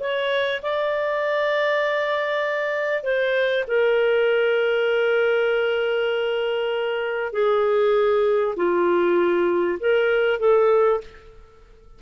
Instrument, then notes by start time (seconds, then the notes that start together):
clarinet
0.00 C#5
0.62 D5
3.03 C5
3.68 A#4
7.33 G#4
8.56 F4
9.80 A#4
10.40 A4